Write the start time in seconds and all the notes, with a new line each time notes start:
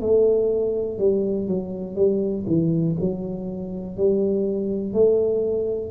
0.00 A3
0.98 G3
1.48 F#3
1.95 G3
2.46 E3
3.00 F#3
3.97 G3
4.93 A3